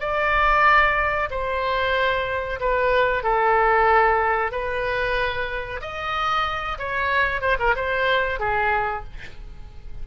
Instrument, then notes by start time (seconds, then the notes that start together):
oboe
0.00 D5
1.30 C5
2.60 B4
3.23 A4
4.52 B4
5.81 D#5
6.78 C#5
7.41 C5
7.59 A#4
7.76 C5
8.39 G#4